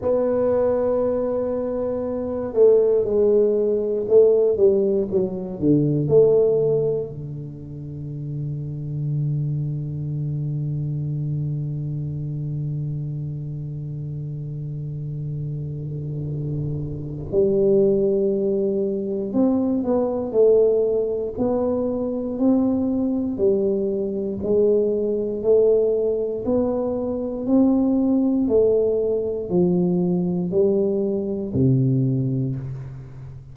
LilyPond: \new Staff \with { instrumentName = "tuba" } { \time 4/4 \tempo 4 = 59 b2~ b8 a8 gis4 | a8 g8 fis8 d8 a4 d4~ | d1~ | d1~ |
d4 g2 c'8 b8 | a4 b4 c'4 g4 | gis4 a4 b4 c'4 | a4 f4 g4 c4 | }